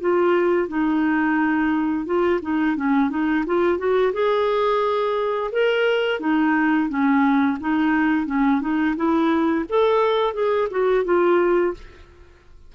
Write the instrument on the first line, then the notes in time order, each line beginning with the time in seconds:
clarinet
0.00 F4
0.68 D#4
2.06 F4
2.42 D#4
2.76 C#4
3.10 D#4
3.46 F4
3.78 F#4
4.13 G#4
5.52 A#4
6.20 D#4
6.89 C#4
7.61 D#4
8.26 C#4
8.61 D#4
8.96 E4
9.69 A4
10.34 G#4
10.71 F#4
11.05 F4